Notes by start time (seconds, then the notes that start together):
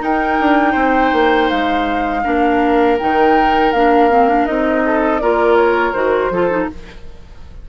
0.00 D#4 A#4 G5
0.40 D4
0.73 C4 C5
1.13 A#3
1.50 G#3 F5
2.24 A#3 D4 A#4
2.98 D#3 D#4 G5
3.73 A#3 D4 F5
4.11 C4
4.29 D4
4.46 C4 D#4 D#5
4.86 A4
5.20 A#3 F4 A#4 D5
5.57 C#5
5.93 D#3 F#4 C5
6.30 F3 F4 A4
6.51 D#4